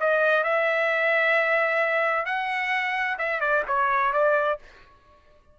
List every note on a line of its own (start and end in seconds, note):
0.00 0.44 D#5
0.44 2.26 E5
2.26 3.17 F#5
3.19 3.40 E5
3.40 3.63 D5
3.68 4.13 C#5
4.13 4.59 D5